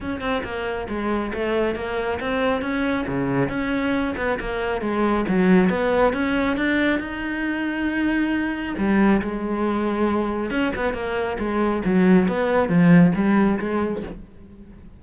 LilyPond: \new Staff \with { instrumentName = "cello" } { \time 4/4 \tempo 4 = 137 cis'8 c'8 ais4 gis4 a4 | ais4 c'4 cis'4 cis4 | cis'4. b8 ais4 gis4 | fis4 b4 cis'4 d'4 |
dis'1 | g4 gis2. | cis'8 b8 ais4 gis4 fis4 | b4 f4 g4 gis4 | }